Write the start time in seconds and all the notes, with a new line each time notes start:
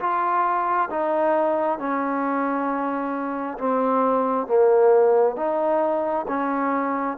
0.00 F4
0.90 D#4
1.79 C#4
3.58 C4
4.47 A#3
5.36 D#4
6.28 C#4